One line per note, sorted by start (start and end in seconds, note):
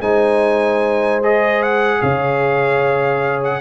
0.00 2.01 G#3
0.00 1.22 D#4
0.00 2.00 C5
0.00 1.22 G#5
1.22 3.61 G#4
1.22 1.62 D#5
1.62 2.02 F#5
2.00 3.61 C#3
2.00 3.61 C#5
2.00 3.42 F5
3.44 3.61 F#5